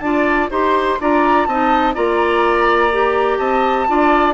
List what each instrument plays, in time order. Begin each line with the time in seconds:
0.00 bassoon D4, clarinet F4, oboe D5, flute A5
0.51 bassoon D#4, clarinet G4, oboe C5, flute C6
1.01 bassoon D4, clarinet F4, oboe D5, flute A#5
1.46 bassoon C4, clarinet D#4, oboe D#5, flute A5
1.95 bassoon A#3, clarinet F4, oboe D5, flute A#5
2.92 clarinet G4
3.39 bassoon C4, oboe D#5, flute A5
3.88 bassoon D4, clarinet F4, oboe D5